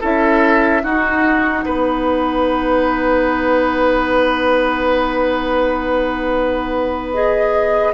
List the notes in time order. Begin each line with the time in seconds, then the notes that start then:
0.00 C#4 E4 A4 E5
0.83 D#4 F#4 F#5
1.65 B3 B4
7.13 G#4 D#5